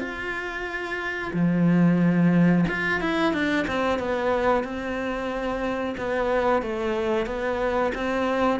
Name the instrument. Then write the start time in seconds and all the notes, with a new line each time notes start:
cello
0.00 F4
1.33 F3
2.68 F4
3.00 E4
3.33 D4
3.67 C4
3.99 B3
4.64 C4
5.98 B3
6.62 A3
7.26 B3
7.95 C4